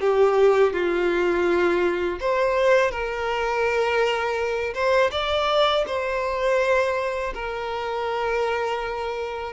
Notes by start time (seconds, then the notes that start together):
0.00 G4
0.73 F4
2.20 C5
2.91 A#4
4.74 C5
5.11 D5
5.87 C5
7.34 A#4